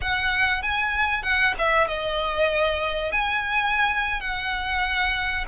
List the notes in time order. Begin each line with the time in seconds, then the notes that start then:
0.01 F#5
0.62 G#5
1.22 F#5
1.58 E5
1.88 D#5
3.12 G#5
4.20 F#5